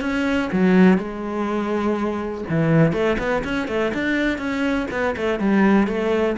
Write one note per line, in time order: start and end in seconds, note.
0.00 0.49 C#4
0.52 0.98 F#3
0.98 2.44 G#3
2.49 2.92 E3
2.92 3.17 A3
3.18 3.43 B3
3.44 3.67 C#4
3.67 3.92 A3
3.93 4.38 D4
4.38 4.86 C#4
4.90 5.15 B3
5.16 5.39 A3
5.39 5.87 G3
5.87 6.36 A3